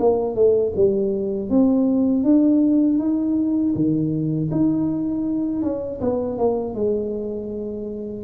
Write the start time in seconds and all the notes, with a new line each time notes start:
0.00 A#3
0.35 A3
0.76 G3
1.50 C4
2.24 D4
2.99 D#4
3.75 D#3
4.51 D#4
5.63 C#4
6.01 B3
6.39 A#3
6.75 G#3